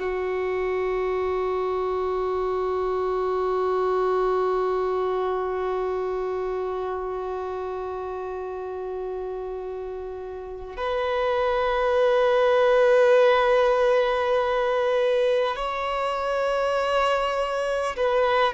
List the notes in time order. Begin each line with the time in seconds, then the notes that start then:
0.00 F#4
10.77 B4
15.56 C#5
17.97 B4